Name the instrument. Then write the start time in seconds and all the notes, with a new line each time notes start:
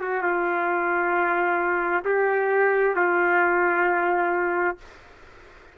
trumpet
0.00 F#4
0.22 F4
2.05 G4
2.95 F4